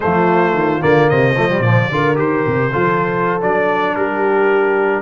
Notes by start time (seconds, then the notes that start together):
0.00 F3 A3 F4 C5
0.53 D#3
0.80 D3 A#3 D5
1.09 C3 C5 D#5
1.36 F3 A3
1.49 G3
1.59 A#2 F3 D5
1.91 D3 F4 A#4
2.15 D#3 G4 C5
2.46 C3
2.72 F3 F4 A4
3.40 F#3 D4 D5
3.95 G3 G4 A#4